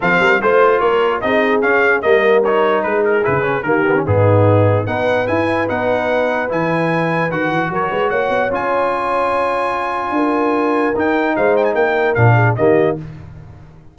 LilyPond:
<<
  \new Staff \with { instrumentName = "trumpet" } { \time 4/4 \tempo 4 = 148 f''4 c''4 cis''4 dis''4 | f''4 dis''4 cis''4 b'8 ais'8 | b'4 ais'4 gis'2 | fis''4 gis''4 fis''2 |
gis''2 fis''4 cis''4 | fis''4 gis''2.~ | gis''2. g''4 | f''8 g''16 gis''16 g''4 f''4 dis''4 | }
  \new Staff \with { instrumentName = "horn" } { \time 4/4 a'8 ais'8 c''4 ais'4 gis'4~ | gis'4 ais'2 gis'4~ | gis'4 g'4 dis'2 | b'1~ |
b'2. ais'8 b'8 | cis''1~ | cis''4 ais'2. | c''4 ais'4. gis'8 g'4 | }
  \new Staff \with { instrumentName = "trombone" } { \time 4/4 c'4 f'2 dis'4 | cis'4 ais4 dis'2 | e'8 cis'8 ais8 b16 cis'16 b2 | dis'4 e'4 dis'2 |
e'2 fis'2~ | fis'4 f'2.~ | f'2. dis'4~ | dis'2 d'4 ais4 | }
  \new Staff \with { instrumentName = "tuba" } { \time 4/4 f8 g8 a4 ais4 c'4 | cis'4 g2 gis4 | cis4 dis4 gis,2 | b4 e'4 b2 |
e2 dis8 e8 fis8 gis8 | ais8 b8 cis'2.~ | cis'4 d'2 dis'4 | gis4 ais4 ais,4 dis4 | }
>>